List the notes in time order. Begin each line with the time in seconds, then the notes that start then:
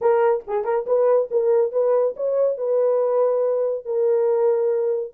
0.01 A#4
0.47 G#4
0.64 A#4
0.86 B4
1.30 A#4
1.72 B4
2.16 C#5
2.57 B4
3.85 A#4